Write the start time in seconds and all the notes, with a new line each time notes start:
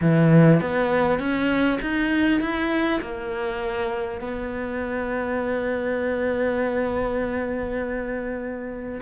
0.01 E3
0.60 B3
1.19 C#4
1.81 D#4
2.40 E4
3.01 A#3
4.20 B3